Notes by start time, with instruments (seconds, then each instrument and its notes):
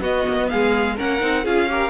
0.00 cello B3, viola B3, violin F#4 D#5
0.28 cello A#3
0.37 cello B3
0.49 cello G#3, violin G#4 F5
0.96 cello A#3, viola C#4, violin A#4 F#5
1.19 cello C4, viola D#4
1.43 cello C#4, viola F4, violin G#4 F5
1.68 viola G4, violin A#4